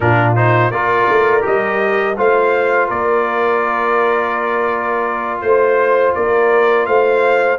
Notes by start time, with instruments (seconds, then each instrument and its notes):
0.00 tuba A#2, trombone D4, horn F4, trumpet A#4
0.35 trombone D#4, trumpet C5
0.70 tuba A#3, trombone F4, horn A#4, trumpet D5
1.08 tuba A3
1.41 tuba G3, trombone G4, trumpet D#5
2.16 tuba A3, trombone F4, horn C5, trumpet F5
2.88 tuba A#3, horn A#4, trumpet D5
5.40 tuba A3, trumpet C5, horn C5
6.14 tuba A#3, horn A#4, trumpet D5
6.86 tuba A3, horn C5, trumpet F5